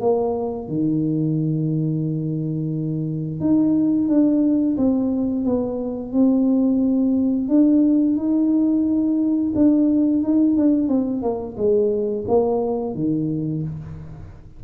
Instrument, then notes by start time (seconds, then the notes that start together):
tuba
0.00 A#3
0.68 D#3
3.40 D#4
4.08 D4
4.77 C4
5.45 B3
6.13 C4
7.48 D4
8.16 D#4
9.55 D4
10.23 D#4
10.57 D4
10.88 C4
11.22 A#3
11.57 G#3
12.28 A#3
12.94 D#3